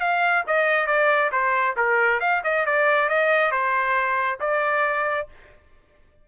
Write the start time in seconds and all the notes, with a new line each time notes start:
0.00 F5
0.47 D#5
0.87 D5
1.32 C5
1.76 A#4
2.20 F5
2.44 D#5
2.66 D5
3.09 D#5
3.51 C5
4.40 D5